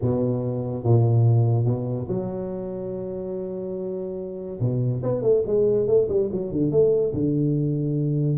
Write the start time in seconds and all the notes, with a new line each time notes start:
0.01 B2
0.83 A#2
1.65 B2
2.08 F#3
4.60 B2
5.03 B3
5.21 A3
5.46 G#3
5.87 A3
6.08 G3
6.32 F#3
6.51 D3
6.71 A3
7.13 D3